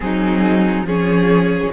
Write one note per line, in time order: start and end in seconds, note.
0.00 0.82 F#3
0.00 0.86 C4
0.00 0.86 D#4
0.00 0.85 G#4
0.82 1.67 F3
0.82 1.72 C#4
0.82 1.72 G#4
0.82 1.72 C#5